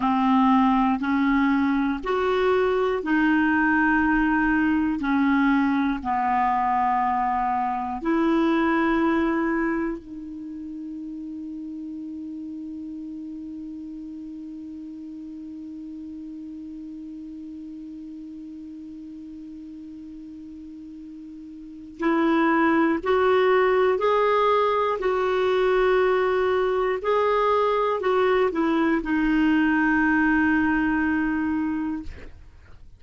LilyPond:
\new Staff \with { instrumentName = "clarinet" } { \time 4/4 \tempo 4 = 60 c'4 cis'4 fis'4 dis'4~ | dis'4 cis'4 b2 | e'2 dis'2~ | dis'1~ |
dis'1~ | dis'2 e'4 fis'4 | gis'4 fis'2 gis'4 | fis'8 e'8 dis'2. | }